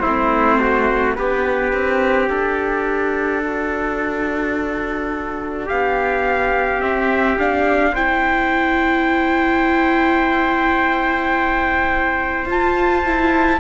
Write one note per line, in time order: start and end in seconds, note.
0.00 1.18 A3
0.00 1.17 C4
0.00 0.58 E4
0.00 1.13 C5
0.60 1.17 F#4
1.15 1.73 B3
1.15 6.81 D4
1.15 3.45 G4
1.15 2.29 B4
1.73 2.29 C4
2.29 5.69 D4
2.29 5.68 A4
3.45 5.66 F#4
5.66 6.83 B3
5.66 7.92 G4
5.66 6.81 F5
6.81 7.38 C4
6.81 12.46 C4
6.81 7.38 E5
7.39 7.95 D4
7.39 7.95 F5
7.93 12.48 E4
7.93 13.59 C5
7.93 12.48 G5
12.46 13.59 F4
12.46 13.05 F4
12.46 13.60 A5
13.05 13.60 E4